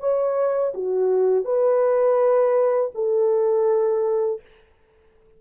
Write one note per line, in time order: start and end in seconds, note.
0.00 0.73 C#5
0.74 1.45 F#4
1.45 2.91 B4
2.95 4.41 A4